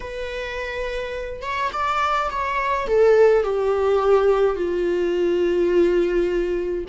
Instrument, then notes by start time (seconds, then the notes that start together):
viola
0.00 B4
1.42 C#5
1.72 D5
2.30 C#5
2.87 A4
3.43 G4
4.56 F4